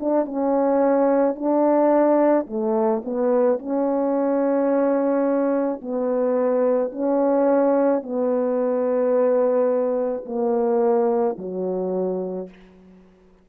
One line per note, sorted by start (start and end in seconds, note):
0.00 0.25 D4
0.25 1.35 C#4
1.35 2.46 D4
2.47 3.03 A3
3.04 3.59 B3
3.59 5.81 C#4
5.81 6.92 B3
6.92 8.03 C#4
8.03 10.25 B3
10.26 11.37 A#3
11.38 12.49 F#3